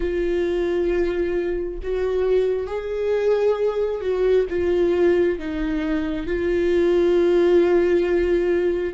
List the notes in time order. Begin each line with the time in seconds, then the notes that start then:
0.00 F4
1.82 F#4
2.66 G#4
4.01 F#4
4.49 F4
5.38 D#4
6.26 F4